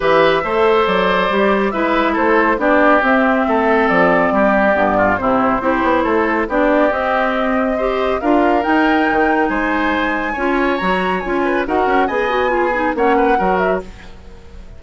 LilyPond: <<
  \new Staff \with { instrumentName = "flute" } { \time 4/4 \tempo 4 = 139 e''2 d''2 | e''4 c''4 d''4 e''4~ | e''4 d''2. | c''2. d''4 |
dis''2. f''4 | g''2 gis''2~ | gis''4 ais''4 gis''4 fis''4 | gis''2 fis''4. e''8 | }
  \new Staff \with { instrumentName = "oboe" } { \time 4/4 b'4 c''2. | b'4 a'4 g'2 | a'2 g'4. f'8 | e'4 g'4 a'4 g'4~ |
g'2 c''4 ais'4~ | ais'2 c''2 | cis''2~ cis''8 b'8 ais'4 | dis''4 gis'4 cis''8 b'8 ais'4 | }
  \new Staff \with { instrumentName = "clarinet" } { \time 4/4 g'4 a'2 g'4 | e'2 d'4 c'4~ | c'2. b4 | c'4 e'2 d'4 |
c'2 g'4 f'4 | dis'1 | f'4 fis'4 f'4 fis'4 | gis'8 fis'8 f'8 dis'8 cis'4 fis'4 | }
  \new Staff \with { instrumentName = "bassoon" } { \time 4/4 e4 a4 fis4 g4 | gis4 a4 b4 c'4 | a4 f4 g4 g,4 | c4 c'8 b8 a4 b4 |
c'2. d'4 | dis'4 dis4 gis2 | cis'4 fis4 cis'4 dis'8 cis'8 | b2 ais4 fis4 | }
>>